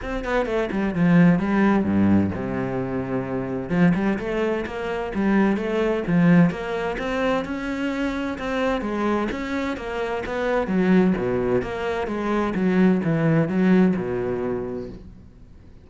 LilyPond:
\new Staff \with { instrumentName = "cello" } { \time 4/4 \tempo 4 = 129 c'8 b8 a8 g8 f4 g4 | g,4 c2. | f8 g8 a4 ais4 g4 | a4 f4 ais4 c'4 |
cis'2 c'4 gis4 | cis'4 ais4 b4 fis4 | b,4 ais4 gis4 fis4 | e4 fis4 b,2 | }